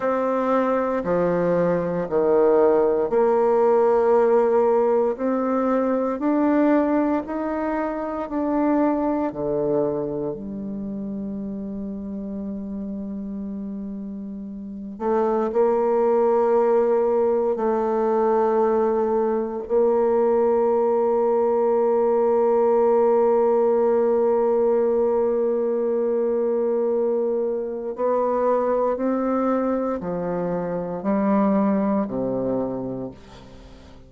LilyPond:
\new Staff \with { instrumentName = "bassoon" } { \time 4/4 \tempo 4 = 58 c'4 f4 dis4 ais4~ | ais4 c'4 d'4 dis'4 | d'4 d4 g2~ | g2~ g8 a8 ais4~ |
ais4 a2 ais4~ | ais1~ | ais2. b4 | c'4 f4 g4 c4 | }